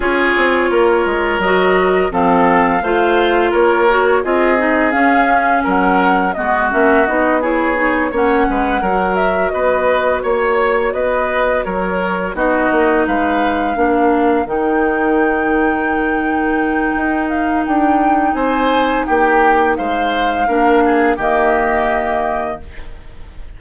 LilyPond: <<
  \new Staff \with { instrumentName = "flute" } { \time 4/4 \tempo 4 = 85 cis''2 dis''4 f''4~ | f''4 cis''4 dis''4 f''4 | fis''4 dis''8 e''8 dis''8 cis''4 fis''8~ | fis''4 e''8 dis''4 cis''4 dis''8~ |
dis''8 cis''4 dis''4 f''4.~ | f''8 g''2.~ g''8~ | g''8 f''8 g''4 gis''4 g''4 | f''2 dis''2 | }
  \new Staff \with { instrumentName = "oboe" } { \time 4/4 gis'4 ais'2 a'4 | c''4 ais'4 gis'2 | ais'4 fis'4. gis'4 cis''8 | b'8 ais'4 b'4 cis''4 b'8~ |
b'8 ais'4 fis'4 b'4 ais'8~ | ais'1~ | ais'2 c''4 g'4 | c''4 ais'8 gis'8 g'2 | }
  \new Staff \with { instrumentName = "clarinet" } { \time 4/4 f'2 fis'4 c'4 | f'4. fis'8 f'8 dis'8 cis'4~ | cis'4 b8 cis'8 dis'8 e'8 dis'8 cis'8~ | cis'8 fis'2.~ fis'8~ |
fis'4. dis'2 d'8~ | d'8 dis'2.~ dis'8~ | dis'1~ | dis'4 d'4 ais2 | }
  \new Staff \with { instrumentName = "bassoon" } { \time 4/4 cis'8 c'8 ais8 gis8 fis4 f4 | a4 ais4 c'4 cis'4 | fis4 gis8 ais8 b4. ais8 | gis8 fis4 b4 ais4 b8~ |
b8 fis4 b8 ais8 gis4 ais8~ | ais8 dis2.~ dis8 | dis'4 d'4 c'4 ais4 | gis4 ais4 dis2 | }
>>